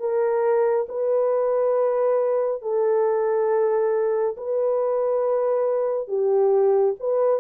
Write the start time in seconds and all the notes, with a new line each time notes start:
0.00 A#4
0.89 B4
2.62 A4
4.37 B4
6.08 G4
7.00 B4